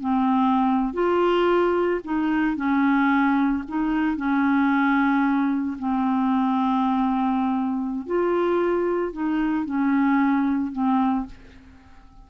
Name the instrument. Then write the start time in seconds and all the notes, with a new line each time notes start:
clarinet
0.00 C4
0.93 F4
2.04 D#4
2.56 C#4
3.68 D#4
4.16 C#4
5.78 C4
8.06 F4
9.12 D#4
9.65 C#4
10.72 C4